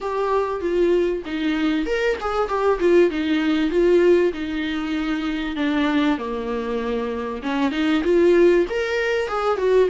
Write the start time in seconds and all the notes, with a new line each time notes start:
0.01 G4
0.60 F4
1.25 D#4
1.86 A#4
2.20 G#4
2.48 G4
2.79 F4
3.10 D#4
3.70 F4
4.33 D#4
5.56 D4
6.18 A#3
7.42 C#4
7.71 D#4
8.04 F4
8.69 A#4
9.28 G#4
9.57 F#4